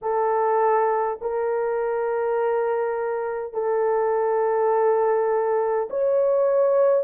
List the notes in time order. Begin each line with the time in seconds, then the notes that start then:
0.01 A4
1.21 A#4
3.53 A4
5.90 C#5